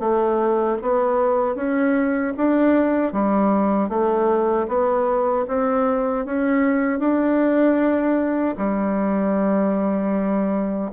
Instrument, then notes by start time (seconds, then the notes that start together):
bassoon
0.00 A3
0.81 B3
1.55 C#4
2.37 D4
3.12 G3
3.89 A3
4.68 B3
5.48 C4
6.26 C#4
6.99 D4
8.57 G3